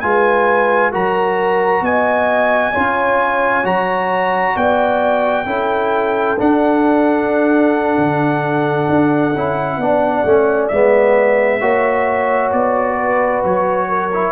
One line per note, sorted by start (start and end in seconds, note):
0.00 0.94 G#3
0.00 0.92 F4
0.00 0.92 B4
0.00 0.91 G#5
0.92 1.81 F#3
0.92 2.74 F#4
0.92 1.83 A#4
0.92 1.85 A#5
1.81 2.72 B3
1.81 2.72 D#5
1.81 3.66 G#5
2.72 3.64 C#4
2.72 3.64 F4
2.72 4.54 C#5
3.64 4.55 F#3
3.64 5.45 F#4
3.64 4.57 A#5
4.55 5.46 B3
4.55 5.46 D5
4.55 6.39 G5
5.46 6.37 C#4
5.46 6.37 E4
5.46 9.78 A4
6.39 9.34 D4
6.39 7.98 D4
6.39 10.68 F#5
7.98 8.88 D3
8.89 9.35 D4
9.36 9.77 C#4
9.36 9.82 E4
9.77 10.23 B3
9.77 10.26 D4
9.77 11.60 D5
10.25 10.70 A3
10.25 10.71 C#4
10.68 11.61 G#3
10.68 11.61 B3
10.68 12.50 E5
11.60 12.52 A#3
11.60 14.11 F#4
11.60 12.96 C#5
12.52 13.43 B3
12.52 13.43 D5
12.96 13.87 B4
13.44 14.32 F#3
13.44 14.32 C#5
13.89 14.32 A#4
14.13 14.32 E4